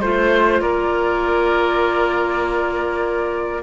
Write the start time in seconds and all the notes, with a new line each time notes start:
0.00 A3 F4 C5
0.60 A#3 A#4 D5